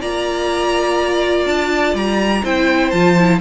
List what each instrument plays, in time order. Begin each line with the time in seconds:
0.00 cello A#3, viola F4, violin D5 A#5
1.45 cello D4, violin A5
1.94 cello G3, violin A#5
2.43 cello C4, viola E4, violin C5 G5
2.90 cello F3, viola F4, violin A5
3.18 viola E4